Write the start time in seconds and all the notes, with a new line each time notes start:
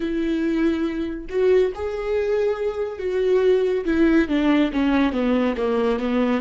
0.00 E4
1.29 F#4
1.75 G#4
2.98 F#4
3.85 E4
4.28 D4
4.73 C#4
5.12 B3
5.56 A#3
5.99 B3